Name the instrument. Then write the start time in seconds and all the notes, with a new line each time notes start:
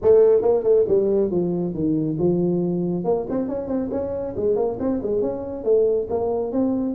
tuba
0.02 A3
0.41 A#3
0.63 A3
0.88 G3
1.30 F3
1.74 D#3
2.18 F3
3.04 A#3
3.29 C4
3.48 C#4
3.67 C4
3.91 C#4
4.36 G#3
4.56 A#3
4.79 C4
5.02 G#3
5.21 C#4
5.64 A3
6.09 A#3
6.52 C4